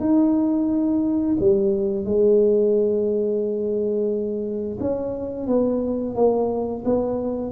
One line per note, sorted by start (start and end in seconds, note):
0.00 1.36 D#4
1.40 2.05 G3
2.05 4.78 G#3
4.80 5.47 C#4
5.47 6.15 B3
6.15 6.84 A#3
6.85 7.52 B3